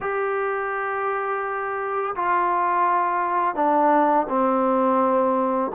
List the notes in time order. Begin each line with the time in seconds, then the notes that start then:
0.00 G4
2.15 F4
3.55 D4
4.29 C4